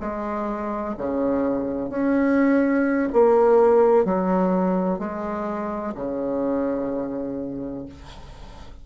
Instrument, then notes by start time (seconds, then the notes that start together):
bassoon
0.00 G#3
0.98 C#3
1.90 C#4
3.13 A#3
4.05 F#3
4.99 G#3
5.95 C#3